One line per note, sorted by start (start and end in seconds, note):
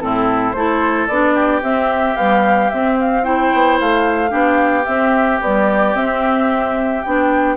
0.00 0.54 A2
0.00 0.54 C4
0.00 0.56 E4
0.00 0.52 A4
0.52 1.08 A3
0.52 1.09 E4
0.52 1.34 A4
0.52 1.06 C5
1.07 1.61 B3
1.07 1.62 D4
1.07 1.61 D5
1.34 3.23 G4
1.61 2.16 C4
1.61 2.16 E5
2.16 2.71 G3
2.16 2.70 B3
2.16 2.69 F5
2.69 3.23 C4
2.69 3.53 C4
2.69 2.97 E5
3.00 3.24 F5
3.23 4.29 E4
3.23 4.30 C5
3.23 3.78 G5
3.53 3.80 B3
3.80 4.32 A3
3.80 4.85 F5
4.29 4.86 B3
4.29 4.83 D4
4.29 7.54 G4
4.85 5.41 C4
4.85 5.39 E5
5.41 5.95 G3
5.41 5.94 B3
5.41 5.95 D5
5.94 7.03 C4
5.94 7.02 E5
7.02 7.56 B3
7.02 7.56 D4
7.02 7.56 G5